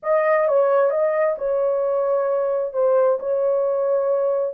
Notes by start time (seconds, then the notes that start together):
0.02 D#5
0.48 C#5
0.90 D#5
1.38 C#5
2.73 C5
3.19 C#5